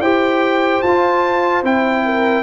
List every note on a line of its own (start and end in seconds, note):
0.00 0.81 E4
0.00 0.84 G4
0.00 2.04 C5
0.00 0.81 G5
0.81 1.63 F4
0.81 1.64 F4
0.81 1.62 A5
1.63 2.43 C4
1.63 2.43 E4
1.63 2.43 G5
2.05 2.43 A#4